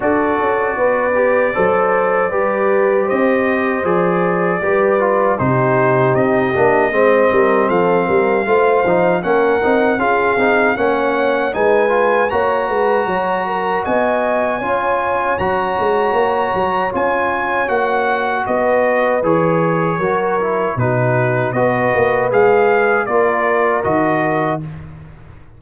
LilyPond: <<
  \new Staff \with { instrumentName = "trumpet" } { \time 4/4 \tempo 4 = 78 d''1 | dis''4 d''2 c''4 | dis''2 f''2 | fis''4 f''4 fis''4 gis''4 |
ais''2 gis''2 | ais''2 gis''4 fis''4 | dis''4 cis''2 b'4 | dis''4 f''4 d''4 dis''4 | }
  \new Staff \with { instrumentName = "horn" } { \time 4/4 a'4 b'4 c''4 b'4 | c''2 b'4 g'4~ | g'4 c''8 ais'8 a'8 ais'8 c''4 | ais'4 gis'4 cis''4 b'4 |
cis''8 b'8 cis''8 ais'8 dis''4 cis''4~ | cis''1 | b'2 ais'4 fis'4 | b'2 ais'2 | }
  \new Staff \with { instrumentName = "trombone" } { \time 4/4 fis'4. g'8 a'4 g'4~ | g'4 gis'4 g'8 f'8 dis'4~ | dis'8 d'8 c'2 f'8 dis'8 | cis'8 dis'8 f'8 dis'8 cis'4 dis'8 f'8 |
fis'2. f'4 | fis'2 f'4 fis'4~ | fis'4 gis'4 fis'8 e'8 dis'4 | fis'4 gis'4 f'4 fis'4 | }
  \new Staff \with { instrumentName = "tuba" } { \time 4/4 d'8 cis'8 b4 fis4 g4 | c'4 f4 g4 c4 | c'8 ais8 gis8 g8 f8 g8 a8 f8 | ais8 c'8 cis'8 c'8 ais4 gis4 |
ais8 gis8 fis4 b4 cis'4 | fis8 gis8 ais8 fis8 cis'4 ais4 | b4 e4 fis4 b,4 | b8 ais8 gis4 ais4 dis4 | }
>>